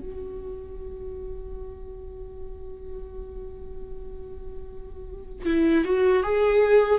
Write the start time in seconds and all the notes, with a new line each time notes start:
0.00 F#4
5.46 E4
5.85 F#4
6.23 G#4